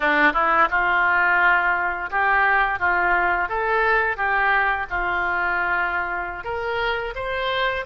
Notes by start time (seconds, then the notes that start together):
0.00 D4
0.33 E4
0.70 F4
2.10 G4
2.79 F4
3.49 A4
4.16 G4
4.90 F4
6.44 A#4
7.15 C5